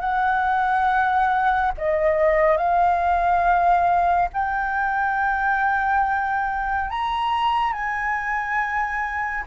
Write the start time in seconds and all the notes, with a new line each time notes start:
0.00 F#5
1.78 D#5
2.57 F5
4.33 G5
6.90 A#5
7.73 G#5